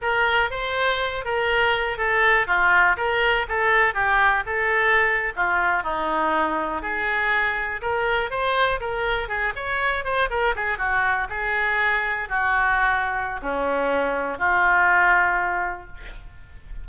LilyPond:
\new Staff \with { instrumentName = "oboe" } { \time 4/4 \tempo 4 = 121 ais'4 c''4. ais'4. | a'4 f'4 ais'4 a'4 | g'4 a'4.~ a'16 f'4 dis'16~ | dis'4.~ dis'16 gis'2 ais'16~ |
ais'8. c''4 ais'4 gis'8 cis''8.~ | cis''16 c''8 ais'8 gis'8 fis'4 gis'4~ gis'16~ | gis'8. fis'2~ fis'16 cis'4~ | cis'4 f'2. | }